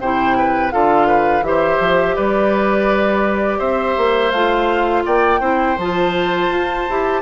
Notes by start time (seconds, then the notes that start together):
0.00 C3 E4 C5 G5
0.37 B4
0.71 D3 F4 A4 F5
1.07 B4
1.41 E3 G4 C5 E5
1.79 F3
2.16 G3 B4 D5
3.59 C4 C5 E5
3.97 A#3
4.31 A3 F4 F5
5.05 A#3 D5 G5
5.40 C4 E4 C5
5.78 F3 F4 A5
6.50 F4
6.89 E4 G4